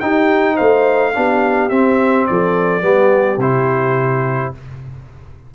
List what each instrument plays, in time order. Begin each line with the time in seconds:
0.00 trombone D#4, tuba D#4, horn G4, trumpet G5
0.55 tuba A3, horn C5, trumpet F5
1.14 tuba B3, trombone D4, horn G4
1.69 tuba C4, trombone C4, trumpet E5
2.27 tuba F3, horn A4, trumpet D5
2.81 tuba G3, trombone B3, horn G4
3.37 tuba C3, trombone E4, trumpet C5